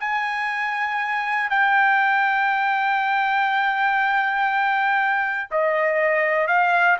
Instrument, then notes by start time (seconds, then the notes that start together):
trumpet
0.00 G#5
1.50 G5
5.51 D#5
6.48 F5